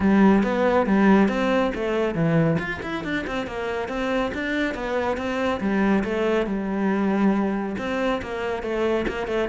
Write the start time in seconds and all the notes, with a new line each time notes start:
0.00 G3
0.43 B3
0.86 G3
1.28 C4
1.75 A3
2.14 E3
2.58 F4
2.82 E4
3.03 D4
3.26 C4
3.46 A#3
3.88 C4
4.33 D4
4.74 B3
5.17 C4
5.60 G3
6.04 A3
6.46 G3
7.78 C4
8.22 A#3
8.62 A3
9.08 A#3
9.27 A3